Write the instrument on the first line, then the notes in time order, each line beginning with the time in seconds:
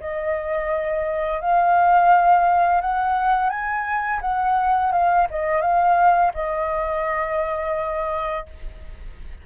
flute
0.00 D#5
1.41 F5
2.81 F#5
3.49 G#5
4.21 F#5
4.92 F5
5.30 D#5
5.61 F5
6.34 D#5